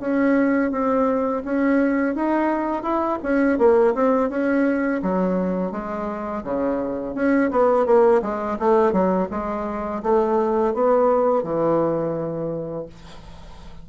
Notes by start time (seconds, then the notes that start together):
0.00 C#4
0.71 C4
1.45 C#4
2.15 D#4
2.83 E4
3.23 C#4
3.58 A#3
3.94 C4
4.30 C#4
5.02 F#3
5.72 G#3
6.44 C#3
7.15 C#4
7.51 B3
7.86 A#3
8.22 G#3
8.59 A3
8.92 F#3
9.31 G#3
10.03 A3
10.74 B3
11.43 E3